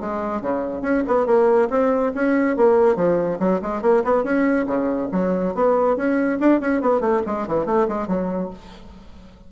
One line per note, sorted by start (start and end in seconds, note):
0.00 0.41 G#3
0.41 0.82 C#3
0.82 1.03 C#4
1.07 1.26 B3
1.26 1.68 A#3
1.70 2.12 C4
2.15 2.56 C#4
2.56 2.96 A#3
2.96 3.38 F3
3.39 3.60 F#3
3.62 3.82 G#3
3.82 4.03 A#3
4.04 4.24 B3
4.24 4.66 C#4
4.66 5.09 C#3
5.12 5.54 F#3
5.54 5.96 B3
5.96 6.39 C#4
6.39 6.60 D4
6.60 6.81 C#4
6.81 7.00 B3
7.00 7.22 A3
7.26 7.47 G#3
7.47 7.66 E3
7.66 7.87 A3
7.88 8.07 G#3
8.07 8.50 F#3